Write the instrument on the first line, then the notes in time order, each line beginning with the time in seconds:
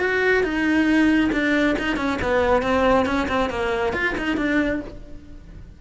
cello
0.00 F#4
0.43 D#4
1.32 D4
1.79 D#4
1.97 C#4
2.22 B3
2.62 C4
3.06 C#4
3.28 C4
3.50 A#3
3.93 F4
4.18 D#4
4.37 D4